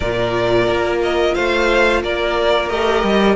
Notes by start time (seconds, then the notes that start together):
0.00 A#2 F4 A#4 D5
0.68 A#3
1.02 D#5
1.34 A3 C5 F5
2.02 A#3 A#4 D5
2.69 A3 G4 D#5
3.03 G3